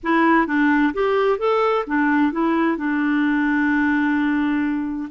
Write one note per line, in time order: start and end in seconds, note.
0.03 0.46 E4
0.46 0.93 D4
0.93 1.38 G4
1.38 1.84 A4
1.86 2.32 D4
2.32 2.77 E4
2.77 5.09 D4